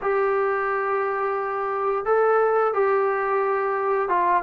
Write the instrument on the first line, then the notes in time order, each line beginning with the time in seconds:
trombone
0.01 G4
2.05 A4
2.73 G4
4.08 F4